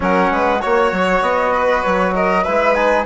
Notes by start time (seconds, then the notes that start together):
0.00 F#3 C#4 A#4 F#5
0.31 G#3 B4
0.61 A#3 F#4 C#5
0.92 F#3
1.21 B3 D#5
1.52 B4
1.82 F#3 C#5
2.14 A#4 D#5
2.43 G#3 E4 B4 E5
2.74 D#4 G#5